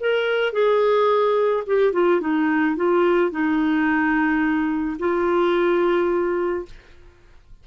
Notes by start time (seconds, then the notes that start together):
0.00 A#4
0.53 G#4
1.66 G4
1.93 F4
2.21 D#4
2.76 F4
3.31 D#4
4.99 F4